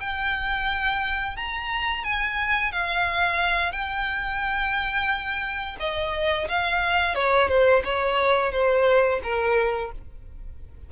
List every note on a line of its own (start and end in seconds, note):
0.00 1.36 G5
1.37 2.04 A#5
2.04 2.72 G#5
2.72 3.72 F5
3.72 5.77 G5
5.80 6.48 D#5
6.49 7.15 F5
7.15 7.48 C#5
7.48 7.83 C5
7.84 8.52 C#5
8.52 9.20 C5
9.24 9.92 A#4